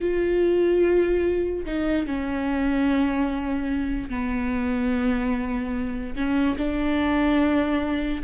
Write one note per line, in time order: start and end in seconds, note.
0.01 1.65 F4
1.65 2.06 D#4
2.06 4.09 C#4
4.09 6.15 B3
6.15 6.56 C#4
6.57 8.22 D4